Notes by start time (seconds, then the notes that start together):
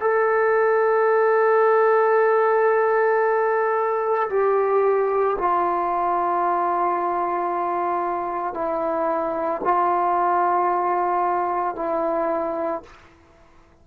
0.00 A4
4.30 G4
5.38 F4
8.54 E4
9.64 F4
11.75 E4